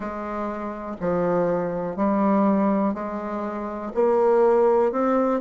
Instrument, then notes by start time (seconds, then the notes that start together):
bassoon
0.00 G#3
1.00 F3
1.96 G3
2.94 G#3
3.94 A#3
4.92 C4